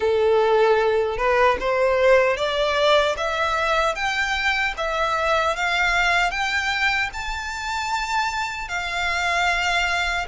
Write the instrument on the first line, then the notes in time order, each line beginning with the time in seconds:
violin
0.00 A4
1.17 B4
1.60 C5
2.36 D5
3.17 E5
3.95 G5
4.77 E5
5.56 F5
6.30 G5
7.13 A5
8.68 F5